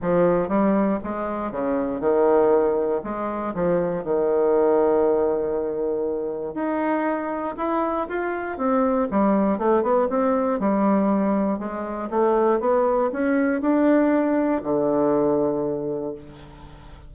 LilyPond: \new Staff \with { instrumentName = "bassoon" } { \time 4/4 \tempo 4 = 119 f4 g4 gis4 cis4 | dis2 gis4 f4 | dis1~ | dis4 dis'2 e'4 |
f'4 c'4 g4 a8 b8 | c'4 g2 gis4 | a4 b4 cis'4 d'4~ | d'4 d2. | }